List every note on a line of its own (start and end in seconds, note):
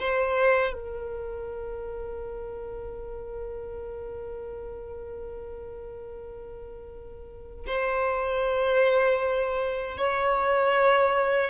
0.00 0.74 C5
0.74 7.66 A#4
7.67 9.98 C5
9.98 11.51 C#5